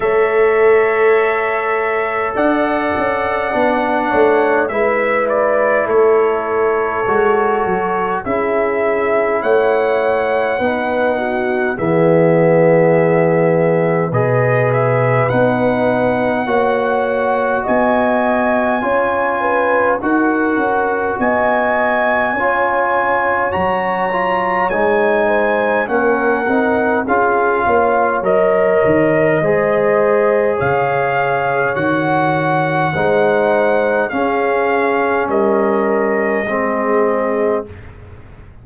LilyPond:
<<
  \new Staff \with { instrumentName = "trumpet" } { \time 4/4 \tempo 4 = 51 e''2 fis''2 | e''8 d''8 cis''2 e''4 | fis''2 e''2 | dis''8 e''8 fis''2 gis''4~ |
gis''4 fis''4 gis''2 | ais''4 gis''4 fis''4 f''4 | dis''2 f''4 fis''4~ | fis''4 f''4 dis''2 | }
  \new Staff \with { instrumentName = "horn" } { \time 4/4 cis''2 d''4. cis''8 | b'4 a'2 gis'4 | cis''4 b'8 fis'8 gis'2 | b'2 cis''4 dis''4 |
cis''8 b'8 ais'4 dis''4 cis''4~ | cis''4. c''8 ais'4 gis'8 cis''8~ | cis''4 c''4 cis''2 | c''4 gis'4 ais'4 gis'4 | }
  \new Staff \with { instrumentName = "trombone" } { \time 4/4 a'2. d'4 | e'2 fis'4 e'4~ | e'4 dis'4 b2 | gis'4 dis'4 fis'2 |
f'4 fis'2 f'4 | fis'8 f'8 dis'4 cis'8 dis'8 f'4 | ais'4 gis'2 fis'4 | dis'4 cis'2 c'4 | }
  \new Staff \with { instrumentName = "tuba" } { \time 4/4 a2 d'8 cis'8 b8 a8 | gis4 a4 gis8 fis8 cis'4 | a4 b4 e2 | b,4 b4 ais4 b4 |
cis'4 dis'8 cis'8 b4 cis'4 | fis4 gis4 ais8 c'8 cis'8 ais8 | fis8 dis8 gis4 cis4 dis4 | gis4 cis'4 g4 gis4 | }
>>